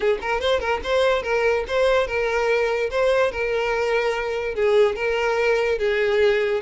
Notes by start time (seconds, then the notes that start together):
0.00 G#4
0.21 A#4
0.40 C5
0.59 A#4
0.83 C5
1.22 A#4
1.67 C5
2.07 A#4
2.90 C5
3.31 A#4
4.55 G#4
4.95 A#4
5.78 G#4